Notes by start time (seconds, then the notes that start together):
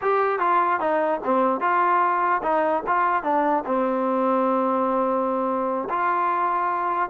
0.01 G4
0.39 F4
0.80 D#4
1.24 C4
1.60 F4
2.42 D#4
2.86 F4
3.23 D4
3.65 C4
5.89 F4